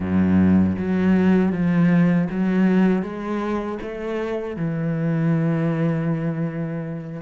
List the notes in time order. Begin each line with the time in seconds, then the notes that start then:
0.00 F#2
0.78 F#3
1.52 F3
2.30 F#3
3.02 G#3
3.82 A3
4.56 E3